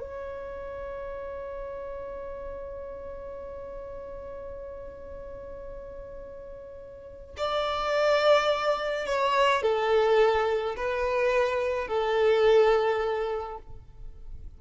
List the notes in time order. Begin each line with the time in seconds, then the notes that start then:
0.00 C#5
7.37 D5
9.06 C#5
9.63 A4
10.77 B4
11.88 A4